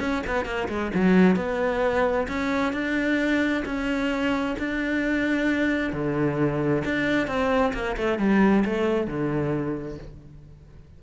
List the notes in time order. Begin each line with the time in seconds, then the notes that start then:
0.00 C#4
0.26 B3
0.45 A#3
0.68 G#3
0.94 F#3
1.36 B3
2.28 C#4
2.73 D4
3.65 C#4
4.59 D4
5.93 D3
6.85 D4
7.27 C4
7.74 A#3
7.96 A3
8.18 G3
8.64 A3
9.07 D3